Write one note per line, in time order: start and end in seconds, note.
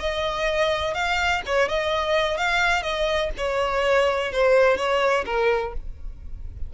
0.00 0.94 D#5
0.94 1.42 F5
1.46 1.68 C#5
1.68 2.37 D#5
2.37 2.82 F5
2.82 3.30 D#5
3.37 4.32 C#5
4.32 4.77 C5
4.77 5.25 C#5
5.26 5.73 A#4